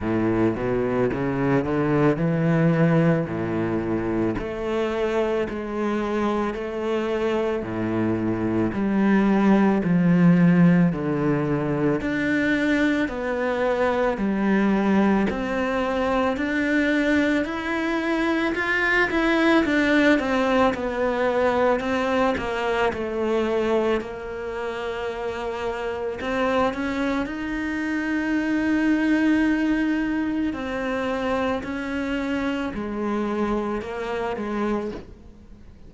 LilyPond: \new Staff \with { instrumentName = "cello" } { \time 4/4 \tempo 4 = 55 a,8 b,8 cis8 d8 e4 a,4 | a4 gis4 a4 a,4 | g4 f4 d4 d'4 | b4 g4 c'4 d'4 |
e'4 f'8 e'8 d'8 c'8 b4 | c'8 ais8 a4 ais2 | c'8 cis'8 dis'2. | c'4 cis'4 gis4 ais8 gis8 | }